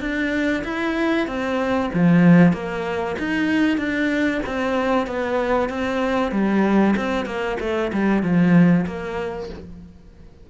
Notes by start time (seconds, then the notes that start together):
0.00 D4
0.64 E4
1.27 C4
1.93 F3
2.53 A#3
3.18 D#4
3.77 D4
4.46 C4
5.06 B3
5.69 C4
6.31 G3
6.96 C4
7.25 A#3
7.60 A3
7.92 G3
8.22 F3
8.86 A#3